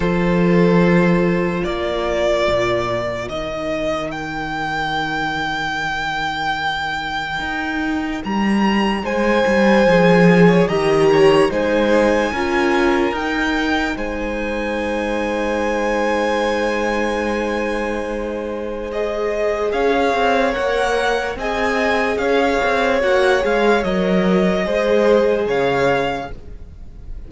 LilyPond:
<<
  \new Staff \with { instrumentName = "violin" } { \time 4/4 \tempo 4 = 73 c''2 d''2 | dis''4 g''2.~ | g''2 ais''4 gis''4~ | gis''4 ais''4 gis''2 |
g''4 gis''2.~ | gis''2. dis''4 | f''4 fis''4 gis''4 f''4 | fis''8 f''8 dis''2 f''4 | }
  \new Staff \with { instrumentName = "violin" } { \time 4/4 a'2 ais'2~ | ais'1~ | ais'2. c''4~ | c''8. cis''16 dis''8 cis''8 c''4 ais'4~ |
ais'4 c''2.~ | c''1 | cis''2 dis''4 cis''4~ | cis''2 c''4 cis''4 | }
  \new Staff \with { instrumentName = "viola" } { \time 4/4 f'1 | dis'1~ | dis'1 | gis'4 g'4 dis'4 f'4 |
dis'1~ | dis'2. gis'4~ | gis'4 ais'4 gis'2 | fis'8 gis'8 ais'4 gis'2 | }
  \new Staff \with { instrumentName = "cello" } { \time 4/4 f2 ais4 ais,4 | dis1~ | dis4 dis'4 g4 gis8 g8 | f4 dis4 gis4 cis'4 |
dis'4 gis2.~ | gis1 | cis'8 c'8 ais4 c'4 cis'8 c'8 | ais8 gis8 fis4 gis4 cis4 | }
>>